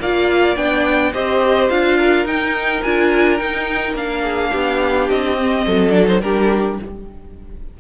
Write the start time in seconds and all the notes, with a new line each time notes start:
0.00 A#3 F4 D5 F5
0.56 B3 D4 G5
1.14 C4 G4 C5 D#5
1.70 D4 F4 F5
1.98 A#4
2.26 D#4 G5
2.83 D4 F4 G#5
3.38 D#4 G5
3.94 A#3 D4 F5
4.22 G#4
4.52 B3 G4
5.10 C4 D#5
5.38 C4
5.67 F#3 A4
5.91 D4 D5
6.06 D#4 C5
6.22 G3 D4 G4 A#4